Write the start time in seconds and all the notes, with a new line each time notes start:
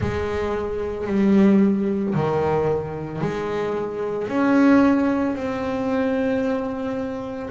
0.00 G#3
1.07 G3
2.14 D#3
3.21 G#3
4.28 C#4
5.35 C4